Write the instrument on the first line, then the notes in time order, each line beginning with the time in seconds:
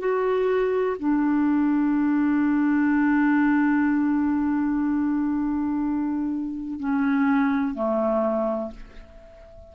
clarinet
0.00 F#4
0.99 D4
6.80 C#4
7.75 A3